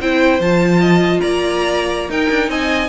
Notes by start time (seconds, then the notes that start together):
0.00 C4 E4 C5 G5
0.40 F3 F4 A5
0.81 D#5
1.20 A#3 D5 A#5
2.09 D#4 A#4 G5
2.29 D4
2.49 C4 D#5 G#5